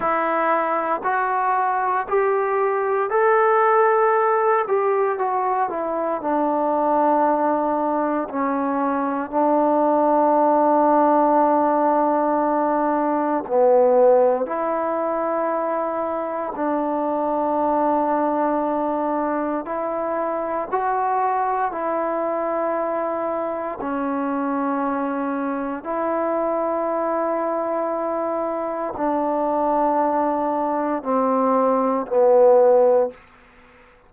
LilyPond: \new Staff \with { instrumentName = "trombone" } { \time 4/4 \tempo 4 = 58 e'4 fis'4 g'4 a'4~ | a'8 g'8 fis'8 e'8 d'2 | cis'4 d'2.~ | d'4 b4 e'2 |
d'2. e'4 | fis'4 e'2 cis'4~ | cis'4 e'2. | d'2 c'4 b4 | }